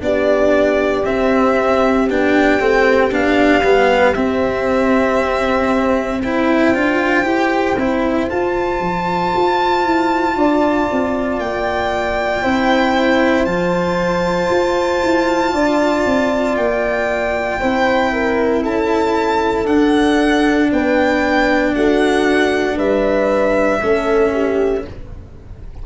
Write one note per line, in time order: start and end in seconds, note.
0.00 1.05 B3
0.00 1.03 D4
0.00 6.23 G4
0.00 1.05 D5
1.05 2.09 C4
1.05 2.10 C4
1.05 2.09 E5
2.10 2.60 B3
2.10 2.60 D4
2.10 3.14 G5
2.60 3.11 A3
2.60 3.11 C4
3.11 3.62 B3
3.11 3.63 D4
3.11 4.15 F5
3.63 4.15 G3
3.63 4.15 B3
4.15 6.22 C4
4.15 6.75 C4
4.15 6.22 E5
6.22 6.74 E4
6.22 10.37 C5
6.22 8.29 G5
6.74 7.24 D4
6.74 7.23 F4
7.23 7.76 E4
7.23 7.75 G4
7.76 8.28 C4
7.76 8.30 E4
8.30 12.44 F4
8.30 8.80 F4
8.30 11.40 A5
8.80 9.32 F3
9.36 9.85 F4
9.85 10.36 E4
10.36 10.87 D4
10.36 12.43 D5
10.92 11.39 C4
11.39 12.42 A#3
11.39 13.45 G5
12.43 13.46 C4
12.43 13.47 E4
12.43 15.53 C5
13.45 14.49 F3
13.45 17.61 F4
13.45 16.56 A5
14.50 15.02 F4
15.04 15.53 E4
15.53 16.05 D4
15.53 17.61 D5
16.06 16.57 C4
16.56 17.61 A#3
16.56 18.63 G5
17.61 18.65 C4
17.61 19.66 E4
17.61 18.12 C5
18.13 18.63 A#4
18.63 19.68 C#4
18.63 20.70 A4
18.63 19.66 A5
19.66 23.79 D4
19.66 20.71 D4
19.66 20.70 F#5
20.72 21.75 B3
20.72 21.76 B4
20.72 21.75 G5
21.75 22.78 A3
21.75 22.77 F#4
21.75 22.78 F#5
22.77 23.82 G3
22.77 23.80 B4
22.77 24.85 E5
23.81 24.86 A3
23.81 24.86 C#4
23.81 24.33 A4
24.33 24.85 G4